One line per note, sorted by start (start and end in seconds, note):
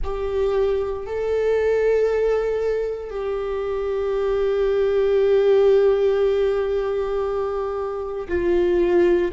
0.03 1.06 G4
1.06 3.10 A4
3.10 8.28 G4
8.28 9.31 F4